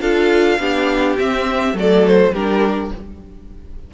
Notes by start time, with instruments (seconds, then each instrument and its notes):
0.00 cello D4, viola F4, violin A4 F5
0.58 cello B3, viola D4, violin G4
1.18 viola C4, cello C4, violin E5
1.73 cello F#3, viola A3, violin A4 D5
2.06 violin C5
2.33 cello G3, viola D4, violin G4 A#4